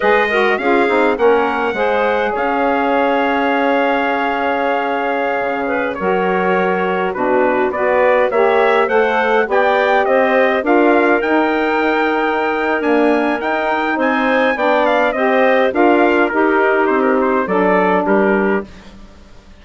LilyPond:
<<
  \new Staff \with { instrumentName = "trumpet" } { \time 4/4 \tempo 4 = 103 dis''4 f''4 fis''2 | f''1~ | f''2~ f''16 cis''4.~ cis''16~ | cis''16 b'4 d''4 e''4 fis''8.~ |
fis''16 g''4 dis''4 f''4 g''8.~ | g''2 gis''4 g''4 | gis''4 g''8 f''8 dis''4 f''4 | ais'4 c''16 ais'16 c''8 d''4 ais'4 | }
  \new Staff \with { instrumentName = "clarinet" } { \time 4/4 b'8 ais'8 gis'4 ais'4 c''4 | cis''1~ | cis''4.~ cis''16 b'8 ais'4.~ ais'16~ | ais'16 fis'4 b'4 cis''4 c''8.~ |
c''16 d''4 c''4 ais'4.~ ais'16~ | ais'1 | c''4 d''4 c''4 ais'4 | g'2 a'4 g'4 | }
  \new Staff \with { instrumentName = "saxophone" } { \time 4/4 gis'8 fis'8 f'8 dis'8 cis'4 gis'4~ | gis'1~ | gis'2~ gis'16 fis'4.~ fis'16~ | fis'16 d'4 fis'4 g'4 a'8.~ |
a'16 g'2 f'4 dis'8.~ | dis'2 ais4 dis'4~ | dis'4 d'4 g'4 f'4 | dis'2 d'2 | }
  \new Staff \with { instrumentName = "bassoon" } { \time 4/4 gis4 cis'8 c'8 ais4 gis4 | cis'1~ | cis'4~ cis'16 cis4 fis4.~ fis16~ | fis16 b,4 b4 ais4 a8.~ |
a16 b4 c'4 d'4 dis'8.~ | dis'2 d'4 dis'4 | c'4 b4 c'4 d'4 | dis'4 c'4 fis4 g4 | }
>>